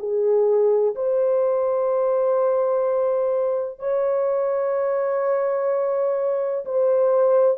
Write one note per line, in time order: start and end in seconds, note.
0.00 0.95 G#4
0.96 3.80 C5
3.80 6.65 C#5
6.65 7.58 C5